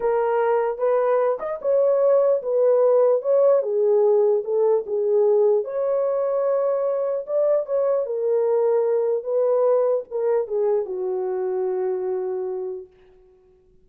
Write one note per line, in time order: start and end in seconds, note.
0.00 0.78 A#4
0.78 1.38 B4
1.39 1.59 D#5
1.61 2.42 C#5
2.42 3.22 B4
3.22 3.62 C#5
3.62 4.42 G#4
4.44 4.84 A4
4.86 5.64 G#4
5.64 7.25 C#5
7.26 7.65 D5
7.65 8.06 C#5
8.06 9.23 A#4
9.23 10.04 B4
10.10 10.47 A#4
10.47 10.85 G#4
10.85 12.87 F#4